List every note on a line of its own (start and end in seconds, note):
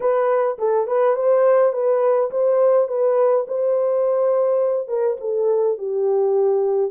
0.00 0.57 B4
0.58 0.87 A4
0.87 1.15 B4
1.15 1.72 C5
1.72 2.30 B4
2.31 2.88 C5
2.88 3.45 B4
3.47 4.88 C5
4.88 5.17 A#4
5.20 5.77 A4
5.78 6.91 G4